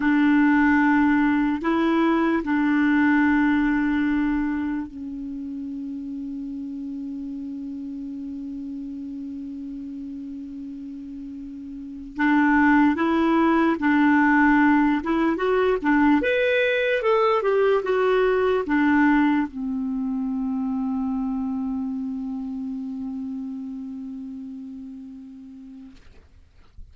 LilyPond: \new Staff \with { instrumentName = "clarinet" } { \time 4/4 \tempo 4 = 74 d'2 e'4 d'4~ | d'2 cis'2~ | cis'1~ | cis'2. d'4 |
e'4 d'4. e'8 fis'8 d'8 | b'4 a'8 g'8 fis'4 d'4 | c'1~ | c'1 | }